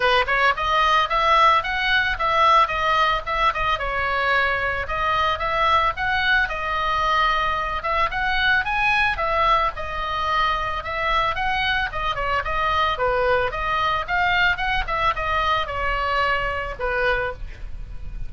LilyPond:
\new Staff \with { instrumentName = "oboe" } { \time 4/4 \tempo 4 = 111 b'8 cis''8 dis''4 e''4 fis''4 | e''4 dis''4 e''8 dis''8 cis''4~ | cis''4 dis''4 e''4 fis''4 | dis''2~ dis''8 e''8 fis''4 |
gis''4 e''4 dis''2 | e''4 fis''4 dis''8 cis''8 dis''4 | b'4 dis''4 f''4 fis''8 e''8 | dis''4 cis''2 b'4 | }